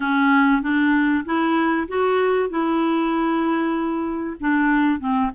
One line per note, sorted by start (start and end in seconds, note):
0.00 0.62 C#4
0.62 1.24 D4
1.25 1.88 E4
1.88 2.49 F#4
2.49 4.37 E4
4.39 4.99 D4
4.99 5.30 C4